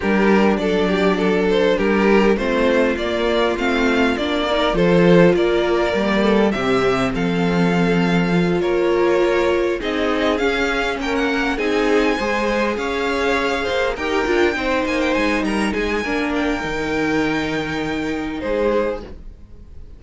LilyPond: <<
  \new Staff \with { instrumentName = "violin" } { \time 4/4 \tempo 4 = 101 ais'4 d''4. c''8 ais'4 | c''4 d''4 f''4 d''4 | c''4 d''2 e''4 | f''2~ f''8 cis''4.~ |
cis''8 dis''4 f''4 g''16 fis''8. gis''8~ | gis''4. f''2 g''8~ | g''4 gis''16 g''16 gis''8 ais''8 gis''4 g''8~ | g''2. c''4 | }
  \new Staff \with { instrumentName = "violin" } { \time 4/4 g'4 a'8 g'8 a'4 g'4 | f'2.~ f'8 ais'8 | a'4 ais'4. a'8 g'4 | a'2~ a'8 ais'4.~ |
ais'8 gis'2 ais'4 gis'8~ | gis'8 c''4 cis''4. c''8 ais'8~ | ais'8 c''4. ais'8 gis'8 ais'4~ | ais'2. gis'4 | }
  \new Staff \with { instrumentName = "viola" } { \time 4/4 d'1 | c'4 ais4 c'4 d'8 dis'8 | f'2 ais4 c'4~ | c'2 f'2~ |
f'8 dis'4 cis'2 dis'8~ | dis'8 gis'2. g'8 | f'8 dis'2~ dis'8 d'4 | dis'1 | }
  \new Staff \with { instrumentName = "cello" } { \time 4/4 g4 fis2 g4 | a4 ais4 a4 ais4 | f4 ais4 g4 c4 | f2~ f8 ais4.~ |
ais8 c'4 cis'4 ais4 c'8~ | c'8 gis4 cis'4. ais8 dis'8 | d'8 c'8 ais8 gis8 g8 gis8 ais4 | dis2. gis4 | }
>>